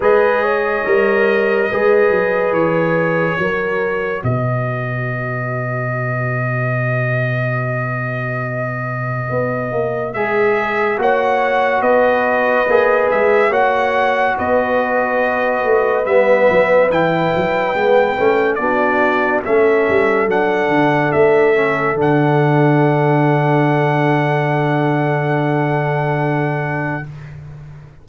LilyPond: <<
  \new Staff \with { instrumentName = "trumpet" } { \time 4/4 \tempo 4 = 71 dis''2. cis''4~ | cis''4 dis''2.~ | dis''1 | e''4 fis''4 dis''4. e''8 |
fis''4 dis''2 e''4 | g''2 d''4 e''4 | fis''4 e''4 fis''2~ | fis''1 | }
  \new Staff \with { instrumentName = "horn" } { \time 4/4 b'8 cis''4. b'2 | ais'4 b'2.~ | b'1~ | b'4 cis''4 b'2 |
cis''4 b'2.~ | b'2 fis'4 a'4~ | a'1~ | a'1 | }
  \new Staff \with { instrumentName = "trombone" } { \time 4/4 gis'4 ais'4 gis'2 | fis'1~ | fis'1 | gis'4 fis'2 gis'4 |
fis'2. b4 | e'4 b8 cis'8 d'4 cis'4 | d'4. cis'8 d'2~ | d'1 | }
  \new Staff \with { instrumentName = "tuba" } { \time 4/4 gis4 g4 gis8 fis8 e4 | fis4 b,2.~ | b,2. b8 ais8 | gis4 ais4 b4 ais8 gis8 |
ais4 b4. a8 g8 fis8 | e8 fis8 gis8 a8 b4 a8 g8 | fis8 d8 a4 d2~ | d1 | }
>>